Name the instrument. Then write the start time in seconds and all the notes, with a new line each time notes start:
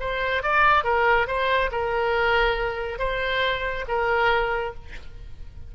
oboe
0.00 C5
0.43 D5
0.84 A#4
1.27 C5
1.71 A#4
2.99 C5
3.88 A#4